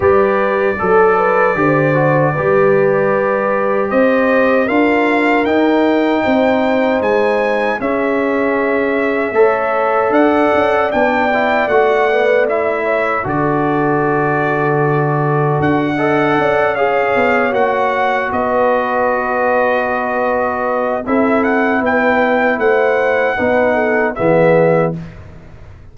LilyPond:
<<
  \new Staff \with { instrumentName = "trumpet" } { \time 4/4 \tempo 4 = 77 d''1~ | d''4 dis''4 f''4 g''4~ | g''4 gis''4 e''2~ | e''4 fis''4 g''4 fis''4 |
e''4 d''2. | fis''4. f''4 fis''4 dis''8~ | dis''2. e''8 fis''8 | g''4 fis''2 e''4 | }
  \new Staff \with { instrumentName = "horn" } { \time 4/4 b'4 a'8 b'8 c''4 b'4~ | b'4 c''4 ais'2 | c''2 gis'2 | cis''4 d''2.~ |
d''8 cis''8 a'2.~ | a'8 dis''8 d''8 cis''2 b'8~ | b'2. a'4 | b'4 c''4 b'8 a'8 gis'4 | }
  \new Staff \with { instrumentName = "trombone" } { \time 4/4 g'4 a'4 g'8 fis'8 g'4~ | g'2 f'4 dis'4~ | dis'2 cis'2 | a'2 d'8 e'8 fis'8 b8 |
e'4 fis'2.~ | fis'8 a'4 gis'4 fis'4.~ | fis'2. e'4~ | e'2 dis'4 b4 | }
  \new Staff \with { instrumentName = "tuba" } { \time 4/4 g4 fis4 d4 g4~ | g4 c'4 d'4 dis'4 | c'4 gis4 cis'2 | a4 d'8 cis'8 b4 a4~ |
a4 d2. | d'4 cis'4 b8 ais4 b8~ | b2. c'4 | b4 a4 b4 e4 | }
>>